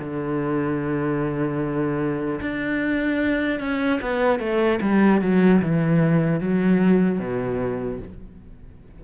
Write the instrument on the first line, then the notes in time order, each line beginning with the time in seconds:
cello
0.00 D3
2.41 D4
3.59 C#4
4.01 B3
4.39 A3
4.81 G3
5.21 F#3
5.61 E3
6.40 F#3
7.19 B2